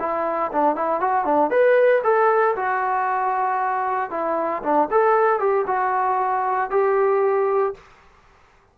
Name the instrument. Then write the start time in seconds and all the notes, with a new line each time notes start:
trombone
0.00 E4
0.52 D4
0.76 E4
1.01 F#4
1.25 D4
1.51 B4
2.04 A4
2.56 F#4
4.11 E4
4.63 D4
4.91 A4
5.40 G4
5.67 F#4
6.71 G4